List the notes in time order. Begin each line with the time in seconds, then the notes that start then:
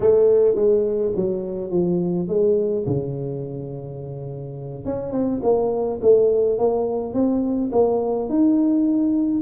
0.00 A3
0.55 G#3
1.15 F#3
1.71 F3
2.28 G#3
2.86 C#3
4.85 C#4
5.12 C4
5.42 A#3
6.01 A3
6.58 A#3
7.13 C4
7.72 A#3
8.29 D#4